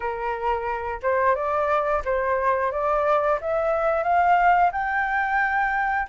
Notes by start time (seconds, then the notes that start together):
0.00 A#4
1.02 C5
1.35 D5
2.04 C5
2.71 D5
3.41 E5
4.03 F5
4.72 G5